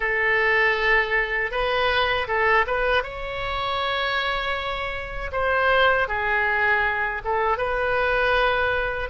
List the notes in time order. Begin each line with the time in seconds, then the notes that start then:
0.00 A4
1.51 B4
2.28 A4
2.66 B4
3.03 C#5
5.32 C5
6.08 G#4
7.24 A4
7.57 B4